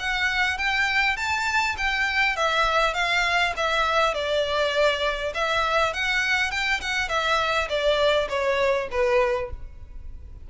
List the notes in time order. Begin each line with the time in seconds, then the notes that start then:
0.00 F#5
0.58 G5
1.17 A5
1.78 G5
2.37 E5
2.94 F5
3.57 E5
4.14 D5
5.35 E5
5.94 F#5
6.52 G5
6.81 F#5
7.09 E5
7.69 D5
8.30 C#5
8.91 B4